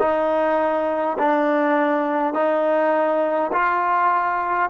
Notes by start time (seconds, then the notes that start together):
0.00 D#4
1.19 D4
2.34 D#4
3.52 F4